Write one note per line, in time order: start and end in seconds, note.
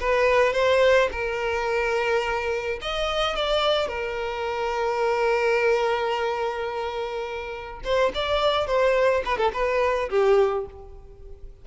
0.00 0.53 B4
0.53 1.09 C5
1.11 2.80 A#4
2.81 3.35 D#5
3.35 3.88 D5
3.88 7.80 A#4
7.84 8.12 C5
8.14 8.67 D5
8.67 9.23 C5
9.25 9.37 B4
9.37 9.51 A4
9.53 10.09 B4
10.09 10.65 G4